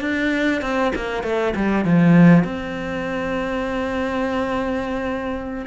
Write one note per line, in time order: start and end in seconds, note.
0.00 0.61 D4
0.62 0.92 C4
0.95 1.23 A#3
1.23 1.53 A3
1.55 1.85 G3
1.85 2.44 F3
2.44 5.65 C4